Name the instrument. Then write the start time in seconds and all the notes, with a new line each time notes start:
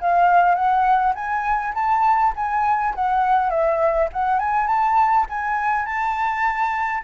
flute
0.00 F5
0.55 F#5
1.14 G#5
1.74 A5
2.35 G#5
2.94 F#5
3.49 E5
4.12 F#5
4.39 G#5
4.67 A5
5.29 G#5
5.85 A5